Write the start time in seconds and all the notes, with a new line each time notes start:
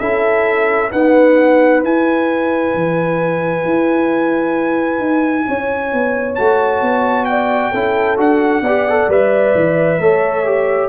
0.00 C#4 E4 A4 E5
0.91 B3 D#4 B4 F#5
1.83 E4 G#5
2.75 E3
3.65 E4
5.00 D#4
5.48 C#4 C#5
5.93 B3
6.36 A3 F#4 A5
6.82 B3
7.26 D5 G5
7.72 C#4 E4 A4
8.17 D4 F#4 F#5
8.62 B3 G4 D5
8.90 A4
9.09 G3 B4 E5
9.55 E3
9.99 A3 A4 C#5
10.46 G4